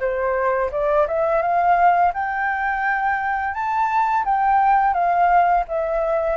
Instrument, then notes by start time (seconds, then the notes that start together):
flute
0.00 C5
0.72 D5
1.07 E5
1.42 F5
2.14 G5
3.54 A5
4.25 G5
4.93 F5
5.68 E5